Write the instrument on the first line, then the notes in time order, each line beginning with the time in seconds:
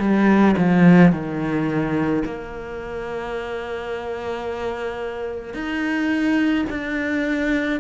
cello
0.00 G3
0.57 F3
1.12 D#3
2.25 A#3
5.54 D#4
6.70 D4